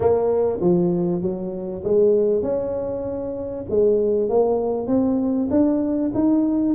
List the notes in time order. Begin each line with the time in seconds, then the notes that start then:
0.00 A#3
0.60 F3
1.22 F#3
1.84 G#3
2.42 C#4
3.69 G#3
4.29 A#3
4.87 C4
5.50 D4
6.14 D#4